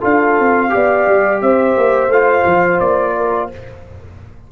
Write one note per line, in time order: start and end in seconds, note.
0.00 0.39 D4
0.00 0.70 F4
0.00 0.70 A4
0.00 1.42 F5
0.40 0.74 C4
0.70 1.07 B3
0.70 2.09 G4
0.70 1.43 D5
1.07 1.42 G3
1.42 1.77 C4
1.42 3.16 C5
1.42 2.12 E5
1.77 2.08 A#3
2.08 2.43 A3
2.08 3.52 F4
2.08 2.80 F5
2.45 2.80 F3
2.80 3.50 A#3
2.80 3.49 D5
3.16 3.51 A#4